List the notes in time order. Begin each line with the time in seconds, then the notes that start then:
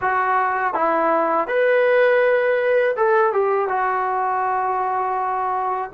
0.01 F#4
0.74 E4
1.47 B4
2.96 A4
3.32 G4
3.68 F#4